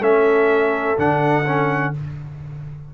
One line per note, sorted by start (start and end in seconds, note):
0.00 0.96 A3
0.00 0.97 C#4
0.00 1.90 A4
0.00 0.98 E5
0.97 1.93 D3
0.97 1.45 D4
0.97 1.94 F#5
1.45 1.93 C#4